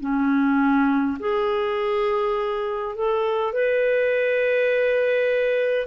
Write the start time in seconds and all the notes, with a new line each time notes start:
0.00 C#4
1.19 G#4
2.95 A4
3.53 B4